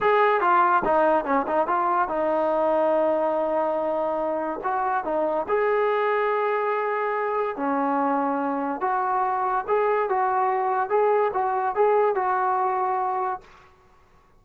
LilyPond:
\new Staff \with { instrumentName = "trombone" } { \time 4/4 \tempo 4 = 143 gis'4 f'4 dis'4 cis'8 dis'8 | f'4 dis'2.~ | dis'2. fis'4 | dis'4 gis'2.~ |
gis'2 cis'2~ | cis'4 fis'2 gis'4 | fis'2 gis'4 fis'4 | gis'4 fis'2. | }